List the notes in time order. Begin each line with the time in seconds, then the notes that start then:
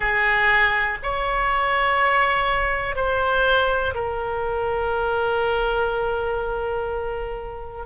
0.00 G#4
1.02 C#5
2.95 C5
3.94 A#4